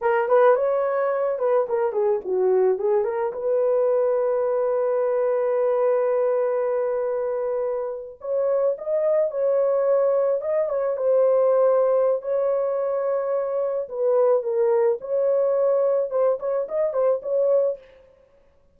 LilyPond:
\new Staff \with { instrumentName = "horn" } { \time 4/4 \tempo 4 = 108 ais'8 b'8 cis''4. b'8 ais'8 gis'8 | fis'4 gis'8 ais'8 b'2~ | b'1~ | b'2~ b'8. cis''4 dis''16~ |
dis''8. cis''2 dis''8 cis''8 c''16~ | c''2 cis''2~ | cis''4 b'4 ais'4 cis''4~ | cis''4 c''8 cis''8 dis''8 c''8 cis''4 | }